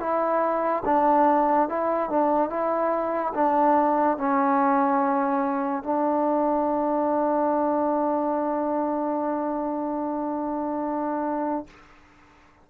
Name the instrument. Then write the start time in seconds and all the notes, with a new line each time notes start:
trombone
0.00 E4
0.86 D4
1.69 E4
2.10 D4
2.50 E4
3.35 D4
4.18 C#4
5.84 D4